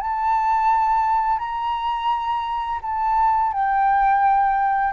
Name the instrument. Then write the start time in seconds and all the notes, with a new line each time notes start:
flute
0.00 A5
1.38 A#5
2.82 A5
3.52 G5